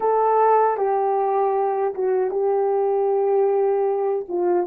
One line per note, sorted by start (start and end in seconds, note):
0.00 0.77 A4
0.77 1.93 G4
1.94 2.30 F#4
2.30 4.25 G4
4.28 4.66 F4